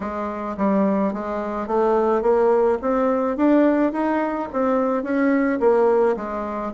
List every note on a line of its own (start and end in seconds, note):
0.00 0.56 G#3
0.57 1.13 G3
1.13 1.67 G#3
1.67 2.22 A3
2.22 2.78 A#3
2.81 3.36 C4
3.36 3.92 D4
3.92 4.48 D#4
4.52 5.03 C4
5.03 5.59 C#4
5.60 6.16 A#3
6.16 6.72 G#3